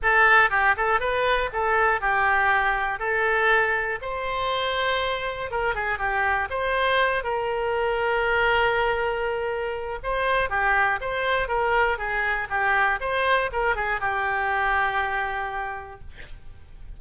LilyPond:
\new Staff \with { instrumentName = "oboe" } { \time 4/4 \tempo 4 = 120 a'4 g'8 a'8 b'4 a'4 | g'2 a'2 | c''2. ais'8 gis'8 | g'4 c''4. ais'4.~ |
ais'1 | c''4 g'4 c''4 ais'4 | gis'4 g'4 c''4 ais'8 gis'8 | g'1 | }